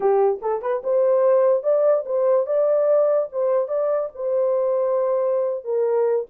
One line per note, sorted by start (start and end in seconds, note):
0.00 0.39 G4
0.41 0.61 A4
0.61 0.82 B4
0.83 1.63 C5
1.63 2.04 D5
2.05 2.46 C5
2.46 3.28 D5
3.32 3.68 C5
3.68 4.09 D5
4.14 5.64 C5
5.64 6.26 A#4